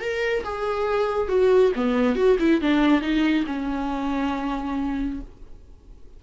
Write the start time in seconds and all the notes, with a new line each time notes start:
0.00 A#4
0.44 G#4
1.28 F#4
1.75 B3
2.15 F#4
2.39 E4
2.61 D4
3.01 D#4
3.46 C#4